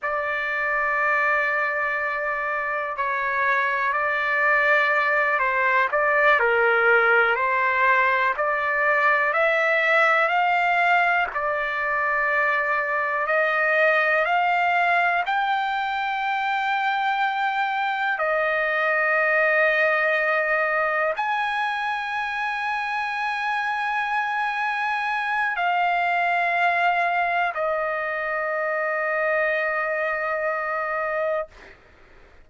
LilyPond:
\new Staff \with { instrumentName = "trumpet" } { \time 4/4 \tempo 4 = 61 d''2. cis''4 | d''4. c''8 d''8 ais'4 c''8~ | c''8 d''4 e''4 f''4 d''8~ | d''4. dis''4 f''4 g''8~ |
g''2~ g''8 dis''4.~ | dis''4. gis''2~ gis''8~ | gis''2 f''2 | dis''1 | }